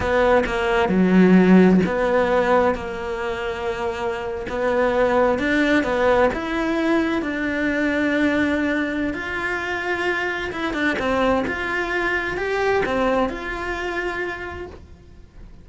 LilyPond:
\new Staff \with { instrumentName = "cello" } { \time 4/4 \tempo 4 = 131 b4 ais4 fis2 | b2 ais2~ | ais4.~ ais16 b2 d'16~ | d'8. b4 e'2 d'16~ |
d'1 | f'2. e'8 d'8 | c'4 f'2 g'4 | c'4 f'2. | }